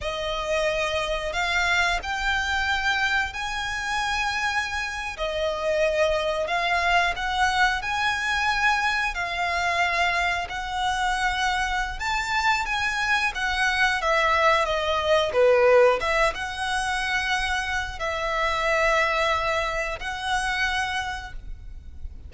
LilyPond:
\new Staff \with { instrumentName = "violin" } { \time 4/4 \tempo 4 = 90 dis''2 f''4 g''4~ | g''4 gis''2~ gis''8. dis''16~ | dis''4.~ dis''16 f''4 fis''4 gis''16~ | gis''4.~ gis''16 f''2 fis''16~ |
fis''2 a''4 gis''4 | fis''4 e''4 dis''4 b'4 | e''8 fis''2~ fis''8 e''4~ | e''2 fis''2 | }